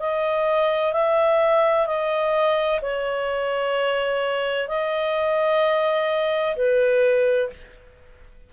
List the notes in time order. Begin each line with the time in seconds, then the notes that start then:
0.00 D#5
0.93 E5
1.87 D#5
2.82 C#5
4.69 D#5
6.56 B4